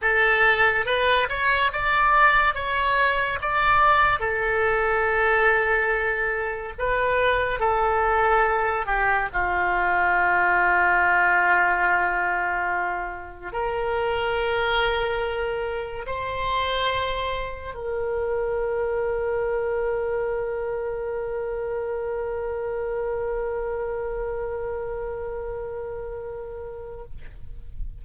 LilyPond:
\new Staff \with { instrumentName = "oboe" } { \time 4/4 \tempo 4 = 71 a'4 b'8 cis''8 d''4 cis''4 | d''4 a'2. | b'4 a'4. g'8 f'4~ | f'1 |
ais'2. c''4~ | c''4 ais'2.~ | ais'1~ | ais'1 | }